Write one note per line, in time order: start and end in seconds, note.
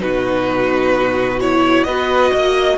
0.00 1.85 B2
0.00 1.38 D#4
0.00 1.88 F#4
0.00 1.40 B4
1.41 1.88 E4
1.41 1.84 C#5
1.84 2.32 B3
1.84 2.78 F#4
1.84 2.32 B4
1.84 2.77 D#5
2.32 2.78 A#3
2.32 2.78 D#5